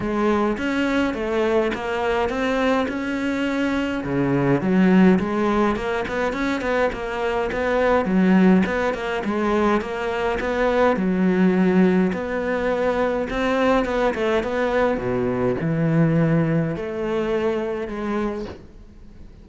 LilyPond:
\new Staff \with { instrumentName = "cello" } { \time 4/4 \tempo 4 = 104 gis4 cis'4 a4 ais4 | c'4 cis'2 cis4 | fis4 gis4 ais8 b8 cis'8 b8 | ais4 b4 fis4 b8 ais8 |
gis4 ais4 b4 fis4~ | fis4 b2 c'4 | b8 a8 b4 b,4 e4~ | e4 a2 gis4 | }